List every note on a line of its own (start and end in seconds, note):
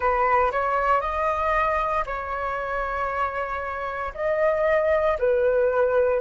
0.00 0.51 B4
0.51 1.01 C#5
1.01 2.04 D#5
2.05 4.12 C#5
4.14 5.17 D#5
5.19 6.20 B4